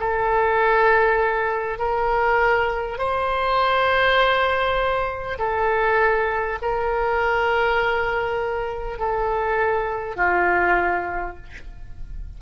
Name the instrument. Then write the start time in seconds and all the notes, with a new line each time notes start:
oboe
0.00 A4
1.79 A#4
2.98 C5
5.39 A4
6.62 A#4
8.98 A4
10.16 F4